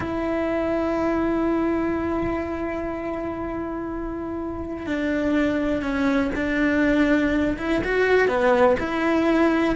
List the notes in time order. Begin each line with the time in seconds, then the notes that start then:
0.00 E4
4.86 D4
5.82 C#4
6.35 D4
7.58 E4
7.84 F#4
8.27 B3
8.79 E4